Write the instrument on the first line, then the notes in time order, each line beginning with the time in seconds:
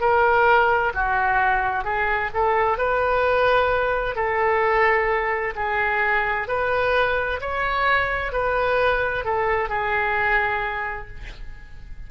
oboe
0.00 A#4
0.94 F#4
1.84 G#4
2.34 A4
2.77 B4
4.15 A4
5.55 G#4
6.47 B4
7.41 C#5
8.32 B4
9.24 A4
9.69 G#4